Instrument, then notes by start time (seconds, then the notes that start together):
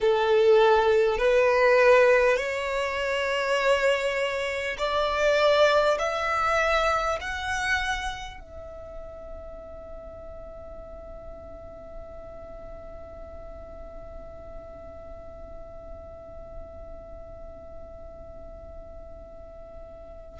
violin
0.00 A4
1.18 B4
2.37 C#5
4.77 D5
5.98 E5
7.20 F#5
8.40 E5